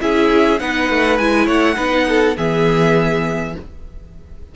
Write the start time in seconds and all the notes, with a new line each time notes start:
0.00 C#4 E4 G#4 E5
0.59 B3 D#4 B4 F#5
0.90 A3
1.18 G#3 E4 G#5
1.45 A3 C#5 F#5
1.75 B3 D#4 B4
2.09 A4
2.37 E3 B3 G#4 E5